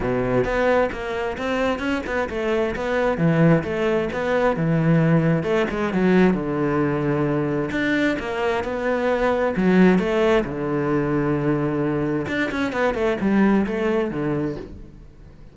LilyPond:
\new Staff \with { instrumentName = "cello" } { \time 4/4 \tempo 4 = 132 b,4 b4 ais4 c'4 | cis'8 b8 a4 b4 e4 | a4 b4 e2 | a8 gis8 fis4 d2~ |
d4 d'4 ais4 b4~ | b4 fis4 a4 d4~ | d2. d'8 cis'8 | b8 a8 g4 a4 d4 | }